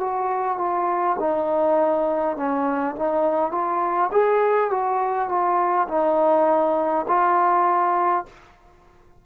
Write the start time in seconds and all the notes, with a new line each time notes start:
0.00 F#4
0.58 F4
1.19 D#4
2.36 C#4
2.96 D#4
3.51 F4
4.12 G#4
4.71 F#4
5.29 F4
5.88 D#4
7.07 F4